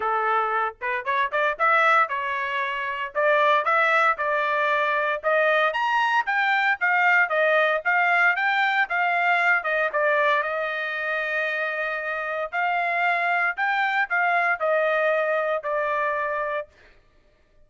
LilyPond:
\new Staff \with { instrumentName = "trumpet" } { \time 4/4 \tempo 4 = 115 a'4. b'8 cis''8 d''8 e''4 | cis''2 d''4 e''4 | d''2 dis''4 ais''4 | g''4 f''4 dis''4 f''4 |
g''4 f''4. dis''8 d''4 | dis''1 | f''2 g''4 f''4 | dis''2 d''2 | }